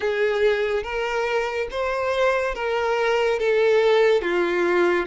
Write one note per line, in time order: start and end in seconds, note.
0.00 0.83 G#4
0.83 1.67 A#4
1.71 2.54 C5
2.54 3.39 A#4
3.39 4.21 A4
4.21 5.06 F4